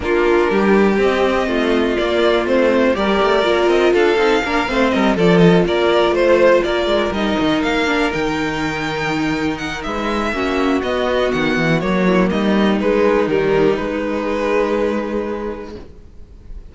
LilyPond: <<
  \new Staff \with { instrumentName = "violin" } { \time 4/4 \tempo 4 = 122 ais'2 dis''2 | d''4 c''4 d''4. dis''8 | f''2 dis''8 d''8 dis''8 d''8~ | d''8 c''4 d''4 dis''4 f''8~ |
f''8 g''2. fis''8 | e''2 dis''4 fis''4 | cis''4 dis''4 b'4 ais'4 | b'1 | }
  \new Staff \with { instrumentName = "violin" } { \time 4/4 f'4 g'2 f'4~ | f'2 ais'2 | a'4 ais'8 c''8 ais'8 a'4 ais'8~ | ais'8 c''4 ais'2~ ais'8~ |
ais'1 | b'4 fis'2.~ | fis'8 e'8 dis'2.~ | dis'1 | }
  \new Staff \with { instrumentName = "viola" } { \time 4/4 d'2 c'2 | ais4 c'4 g'4 f'4~ | f'8 dis'8 d'8 c'4 f'4.~ | f'2~ f'8 dis'4. |
d'8 dis'2.~ dis'8~ | dis'4 cis'4 b2 | ais2 gis4 g4 | gis1 | }
  \new Staff \with { instrumentName = "cello" } { \time 4/4 ais4 g4 c'4 a4 | ais4 a4 g8 a8 ais8 c'8 | d'8 c'8 ais8 a8 g8 f4 ais8~ | ais8 a4 ais8 gis8 g8 dis8 ais8~ |
ais8 dis2.~ dis8 | gis4 ais4 b4 dis8 e8 | fis4 g4 gis4 dis4 | gis1 | }
>>